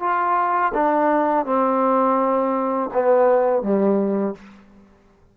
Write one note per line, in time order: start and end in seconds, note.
0.00 0.72 F4
0.74 1.46 D4
1.46 2.90 C4
2.93 3.62 B3
3.62 4.35 G3